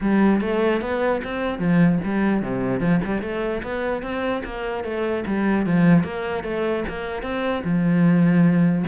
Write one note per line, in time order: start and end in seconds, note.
0.01 0.40 G3
0.40 0.81 A3
0.81 1.21 B3
1.23 1.59 C4
1.59 1.99 F3
2.04 2.42 G3
2.42 2.80 C3
2.80 3.00 F3
3.04 3.21 G3
3.21 3.62 A3
3.62 4.02 B3
4.02 4.42 C4
4.44 4.84 A#3
4.84 5.24 A3
5.26 5.66 G3
5.66 6.03 F3
6.03 6.43 A#3
6.43 6.84 A3
6.88 7.22 A#3
7.22 7.62 C4
7.63 8.84 F3